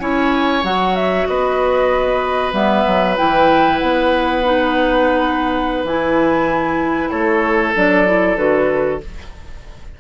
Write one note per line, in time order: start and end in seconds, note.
0.00 0.64 C#4
0.00 0.63 E4
0.00 1.28 C#5
0.00 0.63 G#5
0.64 1.27 F#3
0.64 2.53 F#4
0.64 0.96 F#5
0.96 1.27 E5
1.27 2.53 B3
1.27 7.11 B4
1.27 2.53 D#5
2.53 2.84 G3
2.53 3.17 B3
2.53 3.17 E5
2.87 3.19 F#3
3.17 3.82 E3
3.17 4.43 E4
3.17 3.79 G5
3.79 5.84 B3
3.79 5.84 F#5
4.44 5.86 D#4
5.84 7.11 E3
5.84 7.76 E4
5.84 7.10 G#5
7.10 7.75 A3
7.10 9.01 A4
7.10 7.73 C#5
7.76 8.37 F#3
7.76 8.07 D4
7.76 8.37 D5
8.07 8.37 E4
8.37 9.00 D3
8.37 9.00 F#4
8.37 9.01 B4